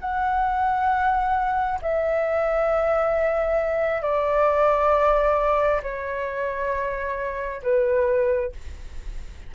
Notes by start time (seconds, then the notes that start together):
0.00 F#5
1.82 E5
4.01 D5
5.82 C#5
7.62 B4